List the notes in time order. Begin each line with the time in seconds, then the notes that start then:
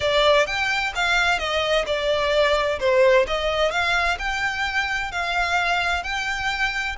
0.00 D5
0.46 G5
0.95 F5
1.38 D#5
1.86 D5
2.79 C5
3.27 D#5
3.71 F5
4.18 G5
5.11 F5
6.03 G5